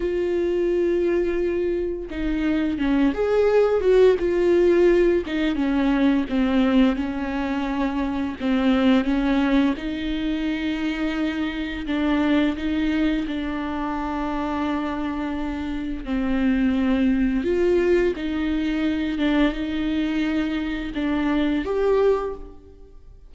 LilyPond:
\new Staff \with { instrumentName = "viola" } { \time 4/4 \tempo 4 = 86 f'2. dis'4 | cis'8 gis'4 fis'8 f'4. dis'8 | cis'4 c'4 cis'2 | c'4 cis'4 dis'2~ |
dis'4 d'4 dis'4 d'4~ | d'2. c'4~ | c'4 f'4 dis'4. d'8 | dis'2 d'4 g'4 | }